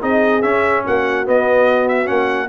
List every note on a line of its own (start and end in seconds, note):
0.00 0.44 C4
0.00 0.42 D#4
0.00 0.83 G#4
0.00 0.42 D#5
0.42 1.25 C#4
0.42 0.85 C#4
0.42 0.83 E5
0.84 1.27 A#3
0.84 2.48 F#4
0.84 1.27 F#5
1.25 2.05 B3
1.25 2.09 B3
1.25 1.88 D#5
1.88 2.07 E5
2.05 2.48 A#3
2.05 2.46 C#4
2.05 2.48 F#5